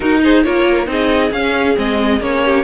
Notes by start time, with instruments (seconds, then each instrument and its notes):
0.00 viola D#4, cello D#4, violin F#4 A#4
0.23 violin G#4 C5
0.43 cello A#3, viola F4, violin A#4 C#5
0.85 cello C4, viola D#4, violin G#4
0.91 violin D#5
1.31 cello C#4, viola C#4, violin F5
1.75 cello G#3, viola C4, violin D#5
2.20 cello A#3, viola C#4, violin C#5
2.44 violin G4